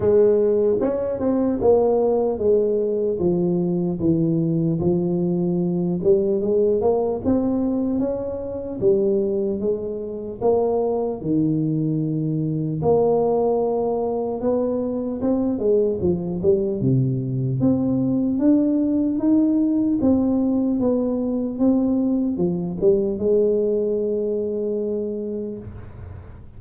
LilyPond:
\new Staff \with { instrumentName = "tuba" } { \time 4/4 \tempo 4 = 75 gis4 cis'8 c'8 ais4 gis4 | f4 e4 f4. g8 | gis8 ais8 c'4 cis'4 g4 | gis4 ais4 dis2 |
ais2 b4 c'8 gis8 | f8 g8 c4 c'4 d'4 | dis'4 c'4 b4 c'4 | f8 g8 gis2. | }